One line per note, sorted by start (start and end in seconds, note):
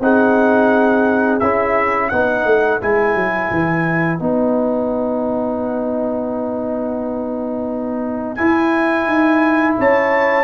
0.00 1.40 C4
0.00 1.42 D#4
0.00 2.12 G#4
0.00 1.40 F#5
1.40 2.12 C#4
1.40 2.12 E4
1.40 2.10 E5
2.10 2.45 B3
2.10 2.81 D#4
2.10 9.79 B4
2.10 2.80 F#5
2.45 2.80 A3
2.81 3.15 G#3
2.81 4.19 E4
2.81 4.20 G#5
3.15 3.50 F#3
3.51 4.20 E3
4.19 8.39 B3
4.19 8.38 D#4
4.19 8.36 F#5
8.36 10.45 E4
8.36 9.07 E4
8.36 9.75 G#5
9.07 9.77 D#4
9.79 10.45 C#4
9.79 10.45 C#5
9.79 10.45 A5